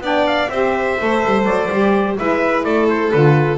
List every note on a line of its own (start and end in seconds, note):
0.00 0.48 B3
0.00 0.49 D4
0.00 0.50 D5
0.00 0.27 G5
0.27 0.49 F5
0.49 0.97 C4
0.49 0.98 G4
0.49 2.17 C5
0.49 1.44 E5
0.98 1.25 A3
0.98 1.70 A4
1.25 1.45 G3
1.45 1.69 F#3
1.45 2.16 D5
1.71 2.19 G3
1.71 2.18 G4
2.18 2.64 G#3
2.18 3.13 E4
2.18 2.65 B4
2.18 2.63 E5
2.63 3.12 A3
2.63 3.58 A4
2.63 2.87 D5
2.89 3.11 C5
3.11 3.58 D3
3.11 3.58 F4
3.11 3.58 B4